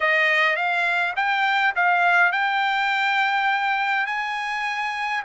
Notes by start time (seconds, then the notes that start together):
0.00 D#5
0.55 F5
1.15 G5
1.75 F5
2.31 G5
4.06 G#5